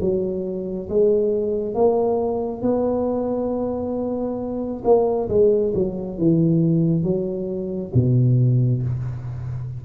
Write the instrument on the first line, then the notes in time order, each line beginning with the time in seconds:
tuba
0.00 F#3
0.89 G#3
1.74 A#3
2.61 B3
4.84 A#3
5.29 G#3
5.74 F#3
6.18 E3
7.03 F#3
7.94 B2